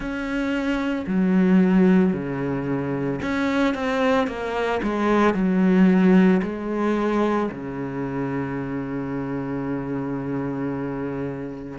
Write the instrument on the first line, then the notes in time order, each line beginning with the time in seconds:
cello
0.00 C#4
1.06 F#3
2.13 C#3
3.21 C#4
3.74 C4
4.27 A#3
4.82 G#3
5.34 F#3
6.42 G#3
7.50 C#3